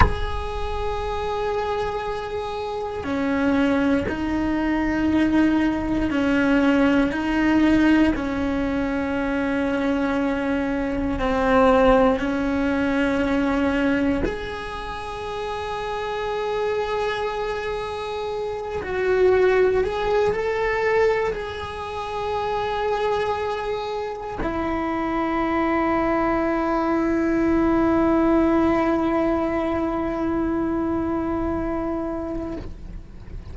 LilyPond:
\new Staff \with { instrumentName = "cello" } { \time 4/4 \tempo 4 = 59 gis'2. cis'4 | dis'2 cis'4 dis'4 | cis'2. c'4 | cis'2 gis'2~ |
gis'2~ gis'8 fis'4 gis'8 | a'4 gis'2. | e'1~ | e'1 | }